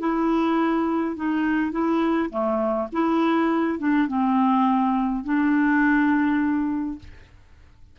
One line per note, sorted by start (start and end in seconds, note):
0.00 1.16 E4
1.16 1.72 D#4
1.72 2.30 E4
2.30 2.88 A3
2.93 3.79 E4
3.79 4.08 D4
4.08 5.24 C4
5.24 6.99 D4